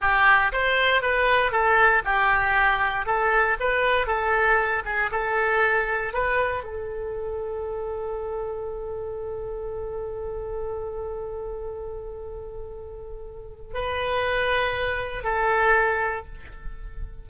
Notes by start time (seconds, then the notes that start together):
0.01 G4
0.52 C5
1.01 B4
1.51 A4
2.04 G4
3.06 A4
3.59 B4
4.06 A4
4.85 G#4
5.11 A4
6.13 B4
6.63 A4
13.74 B4
15.23 A4